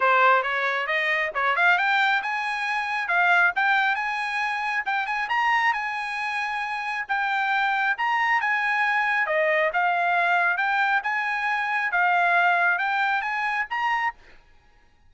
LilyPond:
\new Staff \with { instrumentName = "trumpet" } { \time 4/4 \tempo 4 = 136 c''4 cis''4 dis''4 cis''8 f''8 | g''4 gis''2 f''4 | g''4 gis''2 g''8 gis''8 | ais''4 gis''2. |
g''2 ais''4 gis''4~ | gis''4 dis''4 f''2 | g''4 gis''2 f''4~ | f''4 g''4 gis''4 ais''4 | }